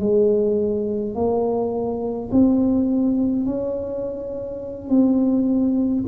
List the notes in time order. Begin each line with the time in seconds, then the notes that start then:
0.00 G#3
1.15 A#3
2.32 C4
3.46 C#4
4.89 C4